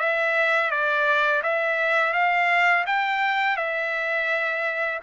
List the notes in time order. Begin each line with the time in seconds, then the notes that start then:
0.00 E5
0.71 D5
1.43 E5
2.14 F5
2.87 G5
3.57 E5